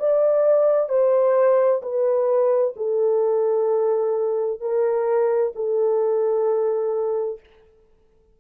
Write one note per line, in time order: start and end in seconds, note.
0.00 0.89 D5
0.89 1.82 C5
1.83 2.75 B4
2.77 4.61 A4
4.61 5.53 A#4
5.56 7.40 A4